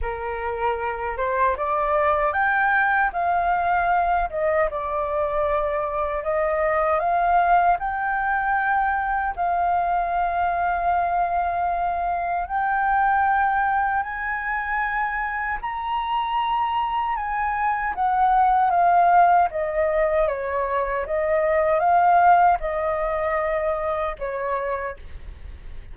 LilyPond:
\new Staff \with { instrumentName = "flute" } { \time 4/4 \tempo 4 = 77 ais'4. c''8 d''4 g''4 | f''4. dis''8 d''2 | dis''4 f''4 g''2 | f''1 |
g''2 gis''2 | ais''2 gis''4 fis''4 | f''4 dis''4 cis''4 dis''4 | f''4 dis''2 cis''4 | }